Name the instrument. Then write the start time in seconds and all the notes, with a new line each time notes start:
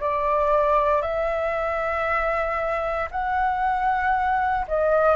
flute
0.00 D5
1.02 E5
3.11 F#5
4.68 D#5